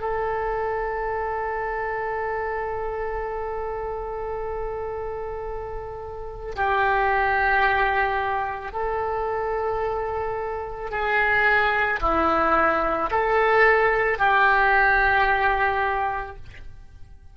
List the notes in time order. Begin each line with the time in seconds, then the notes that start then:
0.00 A4
6.55 G4
8.72 A4
10.90 G#4
12.00 E4
13.11 A4
14.18 G4